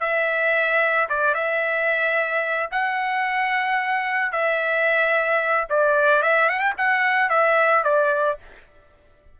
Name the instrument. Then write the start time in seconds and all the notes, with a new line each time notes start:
trumpet
0.00 E5
1.09 D5
1.34 E5
2.71 F#5
4.32 E5
5.69 D5
6.23 E5
6.49 F#5
6.60 G5
6.78 F#5
7.30 E5
7.84 D5